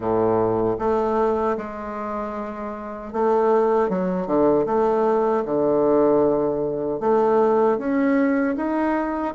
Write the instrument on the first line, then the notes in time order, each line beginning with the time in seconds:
bassoon
0.00 A2
0.78 A3
1.57 G#3
3.12 A3
3.89 F#3
4.26 D3
4.65 A3
5.45 D3
7.00 A3
7.77 C#4
8.56 D#4